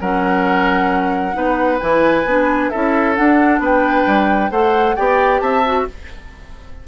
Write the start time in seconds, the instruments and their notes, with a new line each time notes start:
0.00 bassoon F#3, clarinet C#4, oboe A#4, flute F#5
1.33 bassoon B3, clarinet D#4, oboe B4
1.79 bassoon E3, clarinet E4, flute G#5
2.25 bassoon B3, clarinet D4
2.69 bassoon C#4, clarinet E4, oboe A4, flute E5
3.15 clarinet D4, bassoon D4, flute F#5
3.59 bassoon B3, oboe B4, flute G5
4.06 bassoon G3
4.50 bassoon A3, clarinet A4, oboe C5, flute F#5
4.95 bassoon B3, clarinet G4, oboe D5, flute G5
5.40 bassoon C4, oboe E5, flute A5
5.64 clarinet F#4